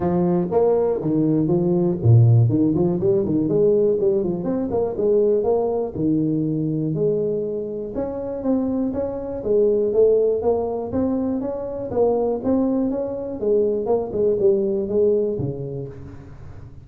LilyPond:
\new Staff \with { instrumentName = "tuba" } { \time 4/4 \tempo 4 = 121 f4 ais4 dis4 f4 | ais,4 dis8 f8 g8 dis8 gis4 | g8 f8 c'8 ais8 gis4 ais4 | dis2 gis2 |
cis'4 c'4 cis'4 gis4 | a4 ais4 c'4 cis'4 | ais4 c'4 cis'4 gis4 | ais8 gis8 g4 gis4 cis4 | }